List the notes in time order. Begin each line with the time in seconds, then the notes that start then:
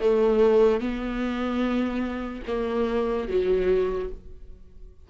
0.00 A3
0.80 B3
2.47 A#3
3.28 F#3